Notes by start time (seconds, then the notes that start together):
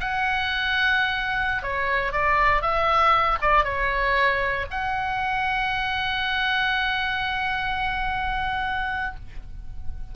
0.00 F#5
1.62 C#5
2.12 D5
2.62 E5
3.41 D5
3.64 C#5
4.70 F#5